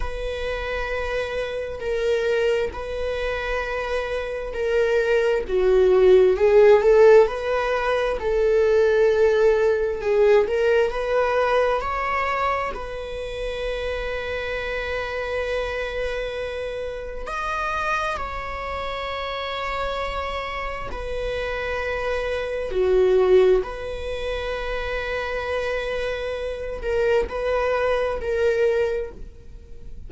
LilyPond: \new Staff \with { instrumentName = "viola" } { \time 4/4 \tempo 4 = 66 b'2 ais'4 b'4~ | b'4 ais'4 fis'4 gis'8 a'8 | b'4 a'2 gis'8 ais'8 | b'4 cis''4 b'2~ |
b'2. dis''4 | cis''2. b'4~ | b'4 fis'4 b'2~ | b'4. ais'8 b'4 ais'4 | }